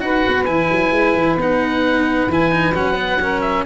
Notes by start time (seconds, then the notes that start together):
0.00 D#4 F#4 B4 F#5
0.27 B3
0.45 E3 E4 G#5
0.71 F#3
0.91 G#3
1.14 E3
1.36 B3 D#4 F#5
2.27 E3 E4 G#5
2.51 D#4
2.73 F#3 C#4 F#5
2.95 B3
3.21 C#4 A#4
3.41 E5